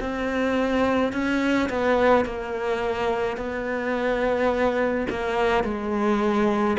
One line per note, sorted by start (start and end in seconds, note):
0.00 1.12 C4
1.12 1.69 C#4
1.69 2.25 B3
2.25 3.37 A#3
3.37 5.06 B3
5.09 5.63 A#3
5.63 6.77 G#3